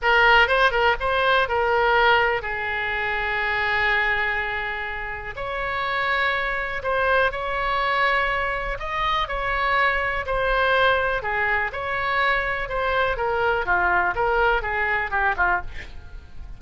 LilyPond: \new Staff \with { instrumentName = "oboe" } { \time 4/4 \tempo 4 = 123 ais'4 c''8 ais'8 c''4 ais'4~ | ais'4 gis'2.~ | gis'2. cis''4~ | cis''2 c''4 cis''4~ |
cis''2 dis''4 cis''4~ | cis''4 c''2 gis'4 | cis''2 c''4 ais'4 | f'4 ais'4 gis'4 g'8 f'8 | }